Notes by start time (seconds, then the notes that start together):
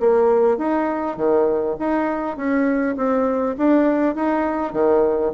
0.00 A#3
0.58 D#4
1.17 D#3
1.79 D#4
2.37 C#4
2.96 C4
3.58 D4
4.15 D#4
4.73 D#3